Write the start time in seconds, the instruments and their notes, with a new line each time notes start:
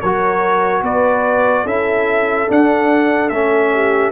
0.00 tuba F#3, trombone F#4, horn A#4, trumpet C#5
0.82 tuba B3, horn B4, trumpet D5
1.64 tuba C#4, trombone E4, horn A4, trumpet E5
2.48 trombone D4, tuba D4, trumpet F#5
3.29 tuba A3, trombone C#4, trumpet E5
3.73 horn G4